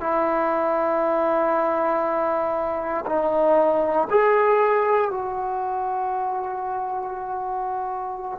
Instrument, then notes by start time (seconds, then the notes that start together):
trombone
0.00 E4
3.06 D#4
4.10 G#4
5.11 F#4